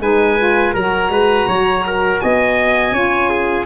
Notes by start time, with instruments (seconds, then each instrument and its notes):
0.00 tuba G#3, saxophone D#4, trumpet B4, oboe G#5
0.39 saxophone F4
0.74 tuba F#3, saxophone F#4, trumpet A#4, oboe A#5
1.10 tuba G#3, trumpet B4
1.48 tuba F#3, trumpet C#5
1.87 trumpet A#4
2.20 tuba B3, trumpet D#5, oboe G#5
2.92 tuba C#4, saxophone F4, trumpet C#5
3.30 trumpet G#4